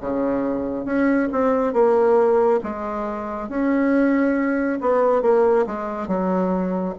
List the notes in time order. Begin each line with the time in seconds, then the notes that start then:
0.00 C#3
0.85 C#4
1.32 C4
1.73 A#3
2.63 G#3
3.48 C#4
4.80 B3
5.22 A#3
5.66 G#3
6.07 F#3